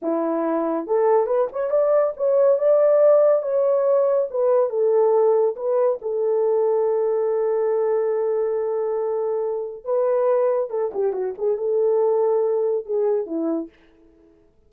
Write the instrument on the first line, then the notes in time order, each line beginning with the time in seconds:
horn
0.02 E4
0.86 A4
1.26 B4
1.52 C#5
1.70 D5
2.16 C#5
2.58 D5
3.42 C#5
4.30 B4
4.69 A4
5.55 B4
6.01 A4
9.84 B4
10.70 A4
10.93 G4
11.13 F#4
11.37 G#4
11.57 A4
12.85 G#4
13.26 E4